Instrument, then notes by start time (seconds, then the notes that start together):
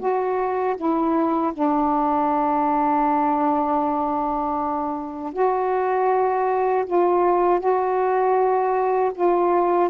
saxophone
0.00 F#4
0.77 E4
1.54 D4
5.33 F#4
6.86 F4
7.60 F#4
9.15 F4